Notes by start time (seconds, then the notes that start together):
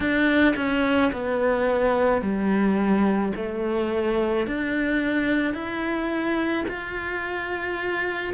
0.00 D4
0.56 C#4
1.12 B3
2.21 G3
3.35 A3
4.46 D4
5.54 E4
6.68 F4